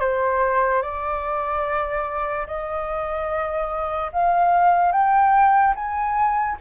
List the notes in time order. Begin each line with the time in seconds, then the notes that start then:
0.00 C5
0.82 D5
2.47 D#5
4.12 F5
4.92 G5
5.75 G#5